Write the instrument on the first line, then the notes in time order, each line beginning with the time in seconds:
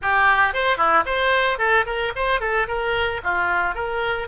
oboe
0.01 G4
0.53 C5
0.77 E4
1.05 C5
1.58 A4
1.86 A#4
2.15 C5
2.40 A4
2.67 A#4
3.23 F4
3.74 A#4